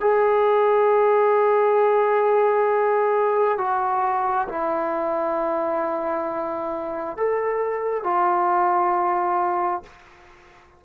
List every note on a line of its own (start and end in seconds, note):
0.00 3.58 G#4
3.58 4.47 F#4
4.48 7.17 E4
7.17 8.04 A4
8.04 9.83 F4